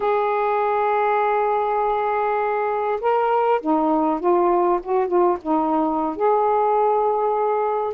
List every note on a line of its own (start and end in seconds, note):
0.00 3.00 G#4
3.01 3.61 A#4
3.61 4.20 D#4
4.20 4.80 F4
4.82 5.07 F#4
5.07 5.37 F4
5.41 6.16 D#4
6.16 7.93 G#4